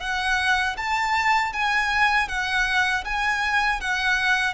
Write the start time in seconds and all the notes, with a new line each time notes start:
0.00 F#5
0.77 A5
1.53 G#5
2.28 F#5
3.04 G#5
3.80 F#5